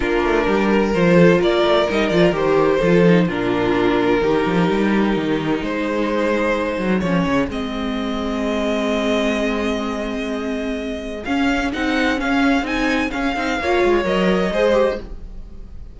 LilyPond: <<
  \new Staff \with { instrumentName = "violin" } { \time 4/4 \tempo 4 = 128 ais'2 c''4 d''4 | dis''8 d''8 c''2 ais'4~ | ais'1 | c''2. cis''4 |
dis''1~ | dis''1 | f''4 fis''4 f''4 gis''4 | f''2 dis''2 | }
  \new Staff \with { instrumentName = "violin" } { \time 4/4 f'4 g'8 ais'4 a'8 ais'4~ | ais'2 a'4 f'4~ | f'4 g'2. | gis'1~ |
gis'1~ | gis'1~ | gis'1~ | gis'4 cis''2 c''4 | }
  \new Staff \with { instrumentName = "viola" } { \time 4/4 d'2 f'2 | dis'8 f'8 g'4 f'8 dis'8 d'4~ | d'4 dis'2.~ | dis'2. cis'4 |
c'1~ | c'1 | cis'4 dis'4 cis'4 dis'4 | cis'8 dis'8 f'4 ais'4 gis'8 g'8 | }
  \new Staff \with { instrumentName = "cello" } { \time 4/4 ais8 a8 g4 f4 ais8 a8 | g8 f8 dis4 f4 ais,4~ | ais,4 dis8 f8 g4 dis4 | gis2~ gis8 fis8 f8 cis8 |
gis1~ | gis1 | cis'4 c'4 cis'4 c'4 | cis'8 c'8 ais8 gis8 fis4 gis4 | }
>>